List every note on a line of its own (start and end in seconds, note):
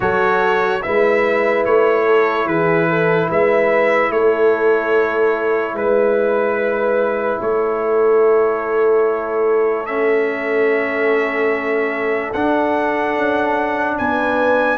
0.00 0.82 F#3
0.00 0.81 F#4
0.00 0.83 A4
0.00 0.82 C#5
0.82 1.65 G#3
0.82 9.87 E4
0.82 2.04 B4
0.82 1.64 E5
1.65 2.46 A3
1.65 2.47 C#5
2.04 2.45 A4
2.46 3.28 E3
2.46 2.88 G#4
2.46 3.29 B4
2.89 3.29 A4
3.29 4.10 G#3
3.29 4.11 B4
3.29 4.11 E5
4.10 5.73 A3
4.10 5.74 A4
4.10 5.76 C#5
5.73 7.37 G#3
5.73 7.39 B4
5.73 7.41 B4
7.40 12.33 A3
7.40 13.97 A4
7.40 9.86 C#5
9.86 12.34 C#4
9.86 12.32 E5
12.33 13.16 D4
12.33 14.78 D4
12.33 13.97 F#5
13.16 13.98 C#4
13.98 14.78 B3
13.98 14.78 B4
13.98 14.78 G#5